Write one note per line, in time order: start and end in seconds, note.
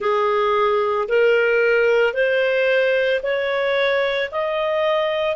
0.00 1.08 G#4
1.08 2.13 A#4
2.13 3.20 C5
3.22 4.30 C#5
4.31 5.36 D#5